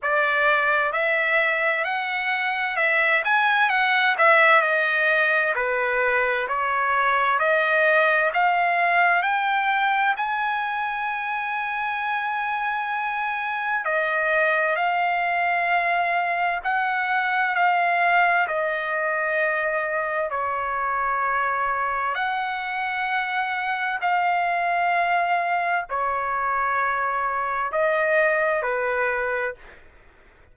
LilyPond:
\new Staff \with { instrumentName = "trumpet" } { \time 4/4 \tempo 4 = 65 d''4 e''4 fis''4 e''8 gis''8 | fis''8 e''8 dis''4 b'4 cis''4 | dis''4 f''4 g''4 gis''4~ | gis''2. dis''4 |
f''2 fis''4 f''4 | dis''2 cis''2 | fis''2 f''2 | cis''2 dis''4 b'4 | }